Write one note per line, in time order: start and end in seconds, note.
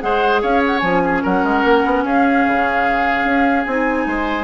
0.00 0.43 G#3
0.00 0.81 G#4
0.00 0.42 C5
0.00 0.42 F#5
0.42 0.82 C#4
0.42 1.03 C#5
0.42 0.63 F5
0.67 0.79 F#5
0.79 1.23 F3
0.79 3.68 C#4
0.79 1.20 G#5
1.05 1.23 G#4
1.23 1.44 F#3
1.23 2.04 A#4
1.23 2.05 F#5
1.44 1.64 G#3
1.64 1.84 A#3
1.85 2.05 B3
2.05 2.45 C#4
2.05 4.08 G#4
2.05 3.65 F5
2.48 3.25 C#3
3.25 3.65 C#4
3.65 4.06 C4
3.65 4.44 D#4
3.65 4.44 G#5
4.06 4.44 G#3
4.06 4.44 C5